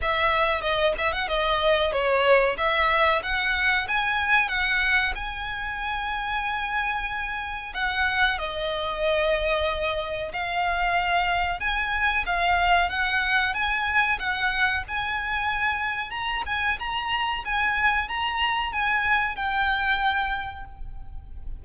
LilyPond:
\new Staff \with { instrumentName = "violin" } { \time 4/4 \tempo 4 = 93 e''4 dis''8 e''16 fis''16 dis''4 cis''4 | e''4 fis''4 gis''4 fis''4 | gis''1 | fis''4 dis''2. |
f''2 gis''4 f''4 | fis''4 gis''4 fis''4 gis''4~ | gis''4 ais''8 gis''8 ais''4 gis''4 | ais''4 gis''4 g''2 | }